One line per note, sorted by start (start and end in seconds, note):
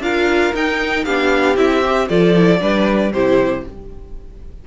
0.00 0.52 D4
0.00 0.54 F4
0.00 1.06 A#4
0.00 0.55 F5
0.54 1.06 D#4
0.54 1.05 G5
1.05 1.57 B3
1.05 1.57 D4
1.05 2.09 G4
1.05 1.57 F5
1.57 2.09 C4
1.57 1.83 E4
1.57 2.09 E5
1.86 2.10 G4
2.09 2.62 F3
2.09 2.35 F4
2.09 2.61 A4
2.09 3.13 D5
2.36 2.60 E4
2.60 3.12 G3
2.60 3.12 D4
2.60 3.14 B4
3.12 3.64 C3
3.12 3.67 E4
3.12 3.66 G4
3.12 3.65 C5